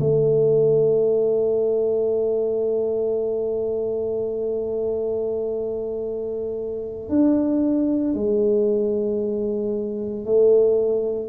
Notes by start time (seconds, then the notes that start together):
0.00 A3
7.09 D4
8.15 G#3
10.25 A3